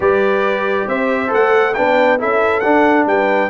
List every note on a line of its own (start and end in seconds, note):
0.00 0.87 G3
0.00 1.27 G4
0.00 0.87 B4
0.00 0.88 D5
0.87 1.31 C4
0.87 1.75 C5
0.87 1.32 E5
1.27 1.71 A4
1.27 1.73 F#5
1.33 1.77 A3
1.73 2.22 B3
1.73 2.18 D4
1.73 2.19 B4
1.73 2.17 G5
2.18 2.64 C#4
2.18 2.62 E4
2.18 3.06 A4
2.18 2.59 E5
2.59 3.50 D4
2.59 3.06 D4
2.59 3.03 F#5
3.06 3.49 G3
3.06 3.50 B4
3.06 3.50 G5